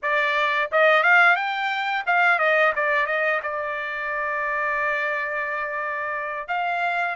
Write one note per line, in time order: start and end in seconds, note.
0.02 0.70 D5
0.71 1.03 D#5
1.03 1.35 F5
1.35 2.04 G5
2.06 2.38 F5
2.38 2.72 D#5
2.75 3.06 D5
3.06 3.40 D#5
3.42 6.47 D5
6.47 7.15 F5